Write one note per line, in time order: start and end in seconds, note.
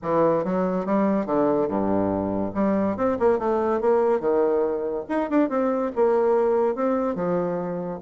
0.02 0.44 E3
0.44 0.85 F#3
0.85 1.26 G3
1.26 1.67 D3
1.67 2.52 G2
2.54 2.96 G3
2.96 3.17 C4
3.19 3.38 A#3
3.38 3.80 A3
3.80 4.19 A#3
4.19 5.04 D#3
5.08 5.29 D#4
5.30 5.49 D4
5.49 5.91 C4
5.95 6.75 A#3
6.75 7.15 C4
7.15 8.00 F3